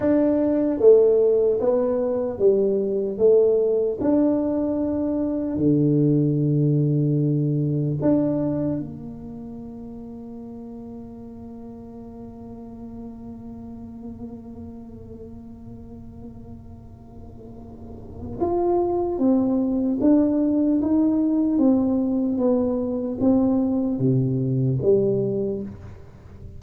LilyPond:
\new Staff \with { instrumentName = "tuba" } { \time 4/4 \tempo 4 = 75 d'4 a4 b4 g4 | a4 d'2 d4~ | d2 d'4 ais4~ | ais1~ |
ais1~ | ais2. f'4 | c'4 d'4 dis'4 c'4 | b4 c'4 c4 g4 | }